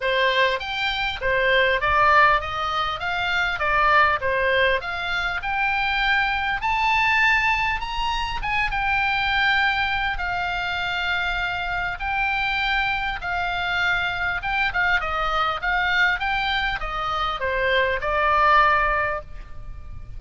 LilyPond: \new Staff \with { instrumentName = "oboe" } { \time 4/4 \tempo 4 = 100 c''4 g''4 c''4 d''4 | dis''4 f''4 d''4 c''4 | f''4 g''2 a''4~ | a''4 ais''4 gis''8 g''4.~ |
g''4 f''2. | g''2 f''2 | g''8 f''8 dis''4 f''4 g''4 | dis''4 c''4 d''2 | }